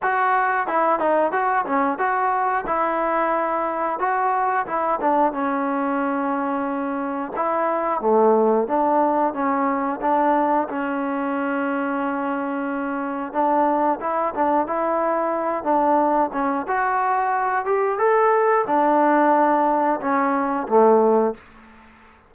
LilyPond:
\new Staff \with { instrumentName = "trombone" } { \time 4/4 \tempo 4 = 90 fis'4 e'8 dis'8 fis'8 cis'8 fis'4 | e'2 fis'4 e'8 d'8 | cis'2. e'4 | a4 d'4 cis'4 d'4 |
cis'1 | d'4 e'8 d'8 e'4. d'8~ | d'8 cis'8 fis'4. g'8 a'4 | d'2 cis'4 a4 | }